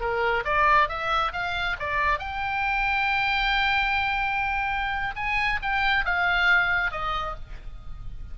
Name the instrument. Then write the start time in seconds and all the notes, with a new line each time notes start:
oboe
0.00 A#4
0.44 D5
0.88 E5
1.32 F5
1.79 D5
2.19 G5
5.16 G#5
5.62 G5
6.05 F5
6.91 D#5